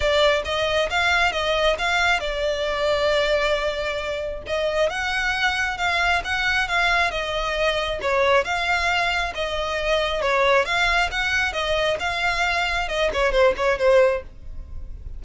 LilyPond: \new Staff \with { instrumentName = "violin" } { \time 4/4 \tempo 4 = 135 d''4 dis''4 f''4 dis''4 | f''4 d''2.~ | d''2 dis''4 fis''4~ | fis''4 f''4 fis''4 f''4 |
dis''2 cis''4 f''4~ | f''4 dis''2 cis''4 | f''4 fis''4 dis''4 f''4~ | f''4 dis''8 cis''8 c''8 cis''8 c''4 | }